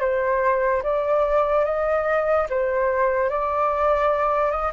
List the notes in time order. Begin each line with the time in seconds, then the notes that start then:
0.00 C5
0.83 D5
1.65 D#5
2.49 C5
3.29 D5
4.51 D#5